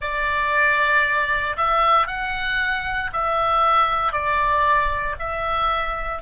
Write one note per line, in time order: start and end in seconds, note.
0.00 1.56 D5
1.56 2.07 E5
2.07 3.10 F#5
3.13 4.12 E5
4.12 5.15 D5
5.19 6.22 E5